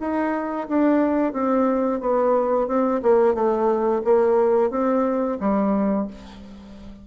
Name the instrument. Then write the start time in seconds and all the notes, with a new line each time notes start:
bassoon
0.00 D#4
0.68 D4
1.33 C4
2.00 B3
2.67 C4
3.02 A#3
3.34 A3
4.04 A#3
4.70 C4
5.40 G3